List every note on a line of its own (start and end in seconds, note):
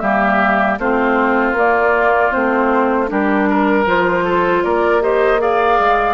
0.00 0.79 G3
0.00 0.79 A#3
0.00 0.79 G4
0.00 0.77 E5
0.79 1.53 A3
0.79 1.56 C4
0.79 3.10 F4
0.79 1.57 C5
1.53 2.30 A#3
1.53 2.32 A#3
1.53 2.32 D5
2.32 3.11 A3
2.32 3.08 C4
2.32 3.09 C5
3.08 3.86 G3
3.08 3.85 D4
3.08 3.49 G4
3.08 3.88 A#4
3.50 4.25 A#4
3.86 4.63 F3
3.86 5.01 F4
3.86 4.64 C5
4.25 4.63 A4
4.64 5.79 A#3
4.64 5.03 A#4
4.64 5.02 D5
5.01 5.39 G4
5.01 5.41 C5
5.01 5.41 D#5
5.39 6.15 G#4
5.39 6.15 D5
5.39 6.15 F5
5.80 6.15 G#3